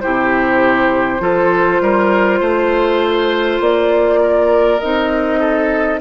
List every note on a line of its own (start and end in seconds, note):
0.00 1.20 C3
0.00 1.19 E4
0.00 1.22 G4
0.00 3.60 C5
1.19 1.79 F3
1.19 4.79 F4
1.19 1.82 A4
1.80 2.40 G3
1.80 2.40 A#4
2.40 3.60 A3
2.40 4.20 C5
3.60 4.80 A#3
3.60 4.79 D5
4.22 5.40 A#4
4.79 6.00 C4
4.79 6.00 D#4
4.79 6.00 D#5
5.40 6.00 A4